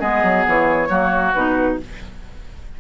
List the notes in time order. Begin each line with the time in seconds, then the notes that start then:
0.00 G#3 B3 G#4 D#5
0.23 F#3
0.48 E3 C#5
0.89 F#3 A#3 F#4
1.33 B2 D#4 B4